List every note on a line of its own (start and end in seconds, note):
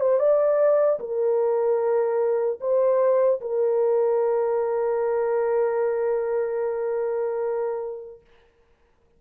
0.00 0.19 C5
0.19 0.99 D5
0.99 2.59 A#4
2.60 3.40 C5
3.40 8.20 A#4